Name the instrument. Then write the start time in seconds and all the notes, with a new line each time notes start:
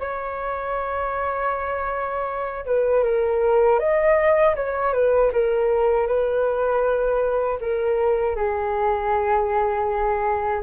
flute
0.00 C#5
2.66 B4
3.04 A#4
3.80 D#5
4.56 C#5
4.94 B4
5.33 A#4
6.08 B4
7.61 A#4
8.36 G#4